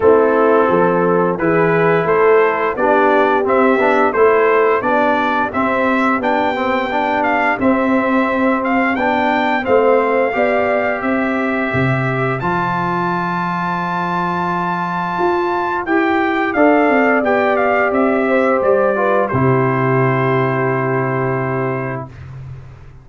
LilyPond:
<<
  \new Staff \with { instrumentName = "trumpet" } { \time 4/4 \tempo 4 = 87 a'2 b'4 c''4 | d''4 e''4 c''4 d''4 | e''4 g''4. f''8 e''4~ | e''8 f''8 g''4 f''2 |
e''2 a''2~ | a''2. g''4 | f''4 g''8 f''8 e''4 d''4 | c''1 | }
  \new Staff \with { instrumentName = "horn" } { \time 4/4 e'4 a'4 gis'4 a'4 | g'2 a'4 g'4~ | g'1~ | g'2 c''4 d''4 |
c''1~ | c''1 | d''2~ d''8 c''4 b'8 | g'1 | }
  \new Staff \with { instrumentName = "trombone" } { \time 4/4 c'2 e'2 | d'4 c'8 d'8 e'4 d'4 | c'4 d'8 c'8 d'4 c'4~ | c'4 d'4 c'4 g'4~ |
g'2 f'2~ | f'2. g'4 | a'4 g'2~ g'8 f'8 | e'1 | }
  \new Staff \with { instrumentName = "tuba" } { \time 4/4 a4 f4 e4 a4 | b4 c'8 b8 a4 b4 | c'4 b2 c'4~ | c'4 b4 a4 b4 |
c'4 c4 f2~ | f2 f'4 e'4 | d'8 c'8 b4 c'4 g4 | c1 | }
>>